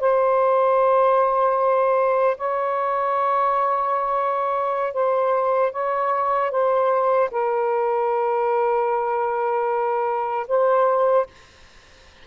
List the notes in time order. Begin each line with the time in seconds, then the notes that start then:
0.00 C5
2.37 C#5
4.93 C5
5.72 C#5
6.51 C5
7.31 A#4
10.47 C5